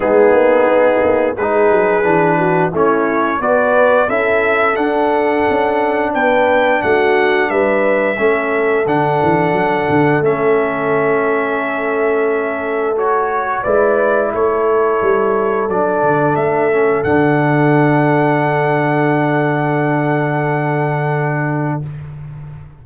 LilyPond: <<
  \new Staff \with { instrumentName = "trumpet" } { \time 4/4 \tempo 4 = 88 gis'2 b'2 | cis''4 d''4 e''4 fis''4~ | fis''4 g''4 fis''4 e''4~ | e''4 fis''2 e''4~ |
e''2. cis''4 | d''4 cis''2 d''4 | e''4 fis''2.~ | fis''1 | }
  \new Staff \with { instrumentName = "horn" } { \time 4/4 dis'2 gis'4. fis'8 | e'4 b'4 a'2~ | a'4 b'4 fis'4 b'4 | a'1~ |
a'1 | b'4 a'2.~ | a'1~ | a'1 | }
  \new Staff \with { instrumentName = "trombone" } { \time 4/4 b2 dis'4 d'4 | cis'4 fis'4 e'4 d'4~ | d'1 | cis'4 d'2 cis'4~ |
cis'2. fis'4 | e'2. d'4~ | d'8 cis'8 d'2.~ | d'1 | }
  \new Staff \with { instrumentName = "tuba" } { \time 4/4 gis8 ais8 b8 ais8 gis8 fis8 e4 | a4 b4 cis'4 d'4 | cis'4 b4 a4 g4 | a4 d8 e8 fis8 d8 a4~ |
a1 | gis4 a4 g4 fis8 d8 | a4 d2.~ | d1 | }
>>